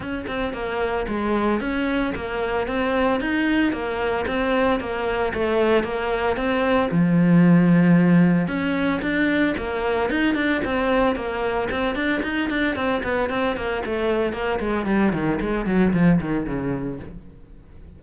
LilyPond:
\new Staff \with { instrumentName = "cello" } { \time 4/4 \tempo 4 = 113 cis'8 c'8 ais4 gis4 cis'4 | ais4 c'4 dis'4 ais4 | c'4 ais4 a4 ais4 | c'4 f2. |
cis'4 d'4 ais4 dis'8 d'8 | c'4 ais4 c'8 d'8 dis'8 d'8 | c'8 b8 c'8 ais8 a4 ais8 gis8 | g8 dis8 gis8 fis8 f8 dis8 cis4 | }